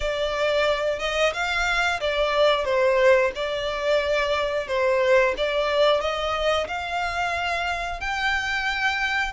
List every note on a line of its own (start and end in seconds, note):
0.00 0.99 D5
0.99 1.32 D#5
1.33 2.00 F5
2.00 2.65 D5
2.65 3.31 C5
3.35 4.67 D5
4.67 5.34 C5
5.37 6.00 D5
6.00 6.67 D#5
6.67 8.00 F5
8.00 9.32 G5